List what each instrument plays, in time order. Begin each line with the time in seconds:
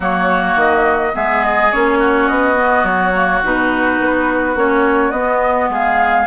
0.00 bassoon F#3, clarinet A#3, oboe F#4, flute C#5
0.55 bassoon D#3, flute D#5
1.13 bassoon G#3, clarinet B3, oboe G#4, flute E5
1.44 flute D#5
1.72 bassoon A#3, clarinet C#4, flute C#5
1.99 oboe F#4
2.28 bassoon B3, flute D#5
2.55 clarinet B3
2.83 bassoon F#3, flute C#5
3.14 clarinet A#3
3.43 bassoon B2, clarinet D#4, flute B4
4.00 bassoon B3
4.55 bassoon A#3, clarinet C#4, flute C#5
5.11 bassoon B3, clarinet B3, flute D#5
5.69 bassoon G#3, oboe G#4, flute F5